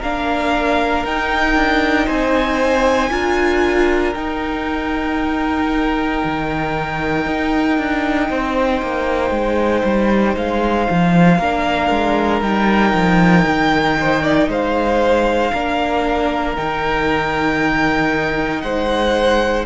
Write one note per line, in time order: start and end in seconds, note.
0.00 1.05 A#3
0.00 1.06 D4
0.00 2.06 A#4
0.00 1.06 F5
1.05 1.56 D#4
1.05 3.11 D#4
1.05 2.09 G5
1.56 2.08 D4
2.06 3.10 C4
2.06 3.10 C5
2.06 4.14 G#5
3.10 4.14 D4
3.10 4.14 F4
3.10 8.30 A#4
4.14 6.23 D#4
4.14 11.41 D#4
4.14 10.35 G5
6.24 7.26 D#3
7.26 7.78 D#4
7.78 8.30 D4
8.30 8.82 C4
8.30 11.38 C5
8.82 9.31 A#3
9.31 9.83 G#3
9.84 10.36 G3
10.37 10.88 G#3
10.37 12.43 F5
10.91 11.39 F3
11.38 11.90 A#3
11.38 12.42 D4
11.38 13.97 A#4
11.90 12.42 G#3
12.42 12.93 G3
12.42 15.52 D#4
12.42 14.50 G5
12.94 13.46 F3
13.47 14.48 D#3
14.00 14.23 C5
14.23 14.49 D5
14.48 15.52 G#3
14.48 15.52 C5
14.48 16.56 F5
15.52 16.57 A#3
15.52 16.56 D4
15.52 18.62 A#4
16.56 18.64 D#3
16.56 19.66 D#4
16.56 18.61 G5
18.61 19.66 G#3
18.61 19.66 C5
18.61 19.65 F#5